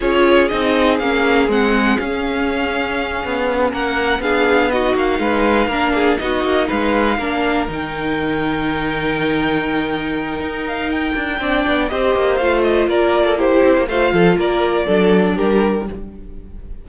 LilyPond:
<<
  \new Staff \with { instrumentName = "violin" } { \time 4/4 \tempo 4 = 121 cis''4 dis''4 f''4 fis''4 | f''2.~ f''8 fis''8~ | fis''8 f''4 dis''8 f''2~ | f''8 dis''4 f''2 g''8~ |
g''1~ | g''4. f''8 g''2 | dis''4 f''8 dis''8 d''4 c''4 | f''4 d''2 ais'4 | }
  \new Staff \with { instrumentName = "violin" } { \time 4/4 gis'1~ | gis'2.~ gis'8 ais'8~ | ais'8 gis'4 fis'4 b'4 ais'8 | gis'8 fis'4 b'4 ais'4.~ |
ais'1~ | ais'2. d''4 | c''2 ais'8. a'16 g'4 | c''8 a'8 ais'4 a'4 g'4 | }
  \new Staff \with { instrumentName = "viola" } { \time 4/4 f'4 dis'4 cis'4 c'4 | cis'1~ | cis'8 d'4 dis'2 d'8~ | d'8 dis'2 d'4 dis'8~ |
dis'1~ | dis'2. d'4 | g'4 f'2 e'4 | f'2 d'2 | }
  \new Staff \with { instrumentName = "cello" } { \time 4/4 cis'4 c'4 ais4 gis4 | cis'2~ cis'8 b4 ais8~ | ais8 b4. ais8 gis4 ais8~ | ais8 b8 ais8 gis4 ais4 dis8~ |
dis1~ | dis4 dis'4. d'8 c'8 b8 | c'8 ais8 a4 ais4. c'16 ais16 | a8 f8 ais4 fis4 g4 | }
>>